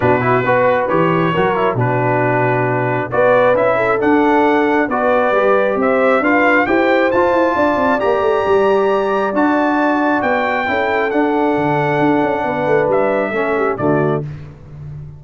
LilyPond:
<<
  \new Staff \with { instrumentName = "trumpet" } { \time 4/4 \tempo 4 = 135 b'2 cis''2 | b'2. d''4 | e''4 fis''2 d''4~ | d''4 e''4 f''4 g''4 |
a''2 ais''2~ | ais''4 a''2 g''4~ | g''4 fis''2.~ | fis''4 e''2 d''4 | }
  \new Staff \with { instrumentName = "horn" } { \time 4/4 fis'4 b'2 ais'4 | fis'2. b'4~ | b'8 a'2~ a'8 b'4~ | b'4 c''4 b'4 c''4~ |
c''4 d''2.~ | d''1 | a'1 | b'2 a'8 g'8 fis'4 | }
  \new Staff \with { instrumentName = "trombone" } { \time 4/4 d'8 e'8 fis'4 g'4 fis'8 e'8 | d'2. fis'4 | e'4 d'2 fis'4 | g'2 f'4 g'4 |
f'2 g'2~ | g'4 fis'2. | e'4 d'2.~ | d'2 cis'4 a4 | }
  \new Staff \with { instrumentName = "tuba" } { \time 4/4 b,4 b4 e4 fis4 | b,2. b4 | cis'4 d'2 b4 | g4 c'4 d'4 e'4 |
f'8 e'8 d'8 c'8 ais8 a8 g4~ | g4 d'2 b4 | cis'4 d'4 d4 d'8 cis'8 | b8 a8 g4 a4 d4 | }
>>